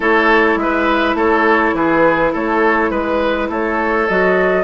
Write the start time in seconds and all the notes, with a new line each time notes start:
0.00 A3 E4 A4 C#5
0.56 G#3 B4 E5
1.14 A3 A4 C#5
1.73 E3 G#4 B4
2.32 A3 A4 C#5
2.90 G#3 B4
3.49 A3 A4 C#5
4.08 F#3 F#4 D#5